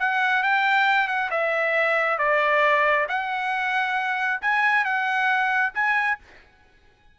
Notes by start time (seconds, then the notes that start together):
0.00 F#5
0.44 G5
1.08 F#5
1.31 E5
2.19 D5
3.09 F#5
4.42 G#5
4.85 F#5
5.75 G#5